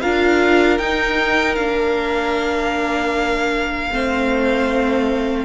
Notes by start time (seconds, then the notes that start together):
0.00 D4 F4 A#4 F5
0.78 D#4 G5
1.55 A#3 D4 F5
3.91 A3 C4 C5